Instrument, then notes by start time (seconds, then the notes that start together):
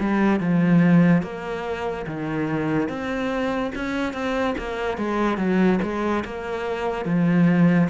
cello
0.00 G3
0.40 F3
1.22 A#3
2.07 D#3
2.89 C4
3.75 C#4
4.13 C4
4.58 A#3
4.98 G#3
5.37 F#3
5.83 G#3
6.25 A#3
7.05 F3